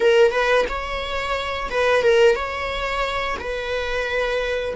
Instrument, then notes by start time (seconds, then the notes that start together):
viola
0.00 A#4
0.31 B4
0.68 C#5
1.70 B4
2.02 A#4
2.35 C#5
3.39 B4